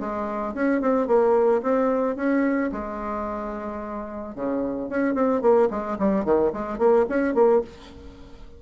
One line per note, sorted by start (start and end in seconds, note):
0.00 0.55 G#3
0.55 0.82 C#4
0.82 1.08 C4
1.08 1.62 A#3
1.63 2.16 C4
2.16 2.71 C#4
2.72 4.36 G#3
4.36 4.90 C#3
4.90 5.15 C#4
5.15 5.42 C4
5.42 5.69 A#3
5.71 5.98 G#3
5.99 6.25 G3
6.25 6.53 D#3
6.53 6.79 G#3
6.79 7.06 A#3
7.09 7.35 C#4
7.35 7.62 A#3